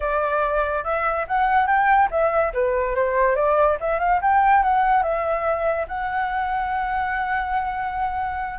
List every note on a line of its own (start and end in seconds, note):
0.00 0.84 D5
0.84 1.25 E5
1.27 1.66 F#5
1.66 2.08 G5
2.11 2.53 E5
2.53 2.95 B4
2.95 3.35 C5
3.35 3.77 D5
3.80 3.99 E5
3.99 4.20 F5
4.21 4.62 G5
4.62 5.02 F#5
5.02 5.86 E5
5.88 8.59 F#5